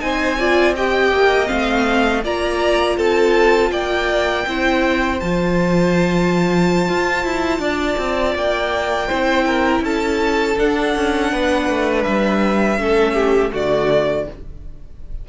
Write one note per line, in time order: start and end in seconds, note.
0.00 1.12 C4
0.00 0.37 D#4
0.00 0.39 C5
0.00 0.75 G#5
0.39 0.77 F4
0.39 0.76 D5
0.76 1.46 G4
0.76 2.24 D#5
0.76 1.48 G5
1.12 1.49 A#3
1.46 2.25 A3
1.46 2.21 C4
1.46 2.22 F5
2.24 2.98 A#3
2.24 4.47 F4
2.24 2.97 D5
2.24 2.99 A#5
2.97 3.72 C4
2.97 3.71 A4
2.97 3.72 A5
3.72 4.46 A#3
3.72 4.46 D5
3.72 5.20 G5
4.47 5.21 C4
4.47 5.21 E4
4.47 7.61 C5
5.20 6.89 F3
5.20 9.09 F4
5.20 8.35 A5
6.89 7.25 F4
7.25 7.59 E4
7.59 7.96 D4
7.59 9.08 D5
7.98 8.35 C4
8.36 9.10 A#3
8.36 9.85 G5
9.08 9.81 C4
9.08 10.57 E4
9.08 9.45 C5
9.47 9.84 A#4
9.81 10.55 C#4
9.81 11.32 A4
9.81 10.59 A5
10.57 12.79 D4
10.57 10.96 D4
10.57 12.04 F#5
10.96 11.33 C#4
11.32 11.69 B3
11.32 12.80 B4
11.69 12.06 A3
12.04 12.78 G3
12.04 13.52 E5
12.78 13.52 A3
12.78 13.51 C#4
12.78 13.14 A4
13.14 13.51 G4
13.51 14.28 D3
13.51 14.25 A3
13.51 14.27 F#4
13.51 14.29 D5